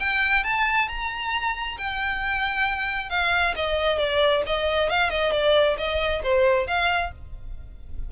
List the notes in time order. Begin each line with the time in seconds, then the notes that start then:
0.00 G5
0.44 A5
0.89 A#5
1.78 G5
3.10 F5
3.56 D#5
3.99 D5
4.47 D#5
4.90 F5
5.10 D#5
5.33 D5
5.78 D#5
6.23 C5
6.67 F5